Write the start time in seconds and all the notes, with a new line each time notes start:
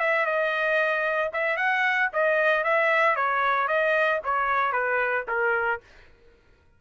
0.00 E5
0.26 D#5
1.33 E5
1.57 F#5
2.13 D#5
2.64 E5
3.16 C#5
3.68 D#5
4.25 C#5
4.73 B4
5.28 A#4